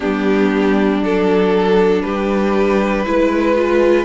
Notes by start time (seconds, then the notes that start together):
0.00 G3 B3 D4 G4
1.01 F#3 D4 A4
2.02 G3 G4 B4
3.05 G#3 E4 B4
3.55 F4